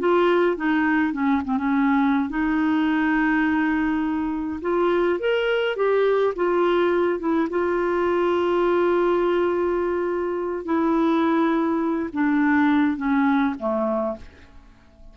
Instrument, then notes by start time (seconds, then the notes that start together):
clarinet
0.00 F4
0.57 D#4
1.13 C#4
1.45 C4
1.58 C#4
2.30 D#4
4.62 F4
5.20 A#4
5.77 G4
6.36 F4
7.20 E4
7.51 F4
10.65 E4
12.14 D4
12.97 C#4
13.59 A3